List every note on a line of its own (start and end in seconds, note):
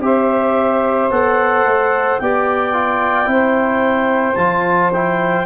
0.00 1.09 C4
0.00 1.10 G4
0.00 2.22 C5
0.00 1.11 E5
1.11 1.65 B3
1.11 2.20 A4
1.11 2.19 F#5
1.65 2.20 A3
2.19 3.27 B3
2.19 2.73 G4
2.19 3.31 D5
2.19 4.36 G5
2.73 3.25 F4
3.25 4.36 C4
3.25 4.34 E4
3.25 5.46 C5
4.36 5.45 F3
4.36 4.92 F4
4.36 4.90 A5
4.92 5.46 E4
4.92 5.46 G5